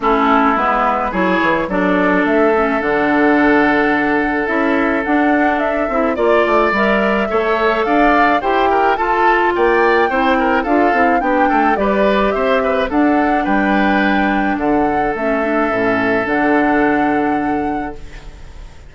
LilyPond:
<<
  \new Staff \with { instrumentName = "flute" } { \time 4/4 \tempo 4 = 107 a'4 b'4 cis''4 d''4 | e''4 fis''2. | e''4 fis''4 e''4 d''4 | e''2 f''4 g''4 |
a''4 g''2 f''4 | g''4 d''4 e''4 fis''4 | g''2 fis''4 e''4~ | e''4 fis''2. | }
  \new Staff \with { instrumentName = "oboe" } { \time 4/4 e'2 gis'4 a'4~ | a'1~ | a'2. d''4~ | d''4 cis''4 d''4 c''8 ais'8 |
a'4 d''4 c''8 ais'8 a'4 | g'8 a'8 b'4 c''8 b'8 a'4 | b'2 a'2~ | a'1 | }
  \new Staff \with { instrumentName = "clarinet" } { \time 4/4 cis'4 b4 e'4 d'4~ | d'8 cis'8 d'2. | e'4 d'4. e'8 f'4 | ais'4 a'2 g'4 |
f'2 e'4 f'8 e'8 | d'4 g'2 d'4~ | d'2. cis'8 d'8 | cis'4 d'2. | }
  \new Staff \with { instrumentName = "bassoon" } { \time 4/4 a4 gis4 fis8 e8 fis4 | a4 d2. | cis'4 d'4. c'8 ais8 a8 | g4 a4 d'4 e'4 |
f'4 ais4 c'4 d'8 c'8 | b8 a8 g4 c'4 d'4 | g2 d4 a4 | a,4 d2. | }
>>